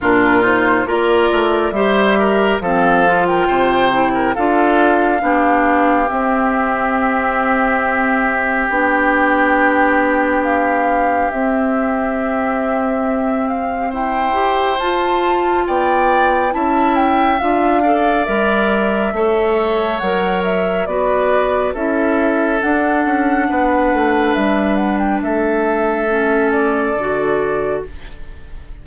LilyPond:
<<
  \new Staff \with { instrumentName = "flute" } { \time 4/4 \tempo 4 = 69 ais'8 c''8 d''4 e''4 f''8. g''16~ | g''4 f''2 e''4~ | e''2 g''2 | f''4 e''2~ e''8 f''8 |
g''4 a''4 g''4 a''8 g''8 | f''4 e''2 fis''8 e''8 | d''4 e''4 fis''2 | e''8 fis''16 g''16 e''4. d''4. | }
  \new Staff \with { instrumentName = "oboe" } { \time 4/4 f'4 ais'4 c''8 ais'8 a'8. ais'16 | c''8. ais'16 a'4 g'2~ | g'1~ | g'1 |
c''2 d''4 e''4~ | e''8 d''4. cis''2 | b'4 a'2 b'4~ | b'4 a'2. | }
  \new Staff \with { instrumentName = "clarinet" } { \time 4/4 d'8 dis'8 f'4 g'4 c'8 f'8~ | f'8 e'8 f'4 d'4 c'4~ | c'2 d'2~ | d'4 c'2.~ |
c'8 g'8 f'2 e'4 | f'8 a'8 ais'4 a'4 ais'4 | fis'4 e'4 d'2~ | d'2 cis'4 fis'4 | }
  \new Staff \with { instrumentName = "bassoon" } { \time 4/4 ais,4 ais8 a8 g4 f4 | c4 d'4 b4 c'4~ | c'2 b2~ | b4 c'2. |
e'4 f'4 b4 cis'4 | d'4 g4 a4 fis4 | b4 cis'4 d'8 cis'8 b8 a8 | g4 a2 d4 | }
>>